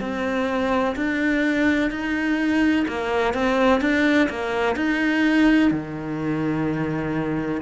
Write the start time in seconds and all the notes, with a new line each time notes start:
0.00 C4
0.96 D4
1.90 D#4
2.87 A#3
3.34 C4
3.81 D4
4.29 A#3
4.76 D#4
5.71 D#3